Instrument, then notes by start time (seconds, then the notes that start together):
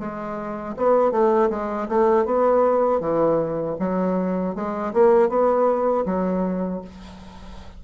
bassoon
0.00 G#3
0.77 B3
1.12 A3
1.50 G#3
1.89 A3
2.26 B3
3.01 E3
3.80 F#3
4.56 G#3
4.94 A#3
5.29 B3
6.06 F#3